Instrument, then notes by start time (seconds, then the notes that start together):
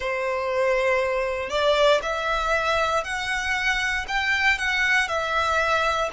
violin
0.00 C5
1.49 D5
2.02 E5
3.04 F#5
4.07 G5
4.58 F#5
5.08 E5